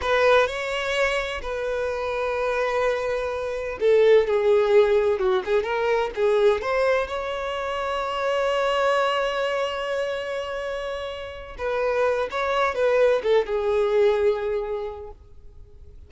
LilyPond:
\new Staff \with { instrumentName = "violin" } { \time 4/4 \tempo 4 = 127 b'4 cis''2 b'4~ | b'1 | a'4 gis'2 fis'8 gis'8 | ais'4 gis'4 c''4 cis''4~ |
cis''1~ | cis''1~ | cis''8 b'4. cis''4 b'4 | a'8 gis'2.~ gis'8 | }